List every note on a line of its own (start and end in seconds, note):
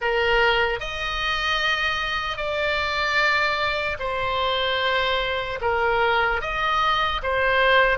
0.01 0.80 A#4
0.80 2.37 D#5
2.37 3.97 D5
3.99 5.59 C5
5.61 6.41 A#4
6.41 7.21 D#5
7.23 7.98 C5